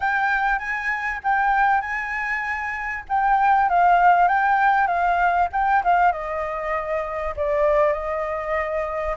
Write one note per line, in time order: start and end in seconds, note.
0.00 0.58 G5
0.58 1.20 G#5
1.23 1.81 G5
1.81 3.03 G#5
3.08 3.69 G5
3.69 4.28 F5
4.28 4.87 G5
4.87 5.48 F5
5.52 5.82 G5
5.84 6.12 F5
6.12 7.34 D#5
7.36 7.93 D5
7.93 9.15 D#5